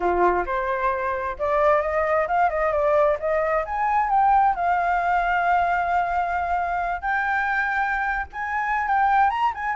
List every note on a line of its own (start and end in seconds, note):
0.00 0.44 F4
0.45 1.36 C5
1.38 1.81 D5
1.81 2.27 D#5
2.27 2.49 F5
2.49 2.71 D#5
2.71 3.17 D5
3.19 3.64 D#5
3.65 4.09 G#5
4.09 4.55 G5
4.55 7.01 F5
7.01 8.26 G5
8.32 8.87 G#5
8.87 9.30 G5
9.30 9.52 A#5
9.54 9.75 G#5